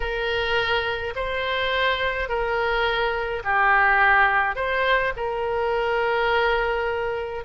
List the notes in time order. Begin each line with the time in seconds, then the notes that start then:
0.00 A#4
1.15 C5
2.28 A#4
3.43 G4
4.55 C5
5.16 A#4